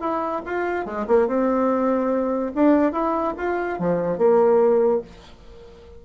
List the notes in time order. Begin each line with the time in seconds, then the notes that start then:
0.00 E4
0.45 F4
0.85 G#3
1.07 A#3
1.27 C4
2.55 D4
2.92 E4
3.37 F4
3.79 F3
4.18 A#3